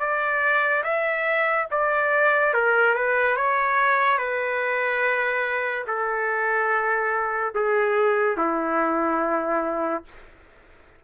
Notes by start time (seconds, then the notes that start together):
0.00 D5
0.84 E5
1.71 D5
2.54 A#4
2.95 B4
3.36 C#5
4.18 B4
5.87 A4
7.55 G#4
8.37 E4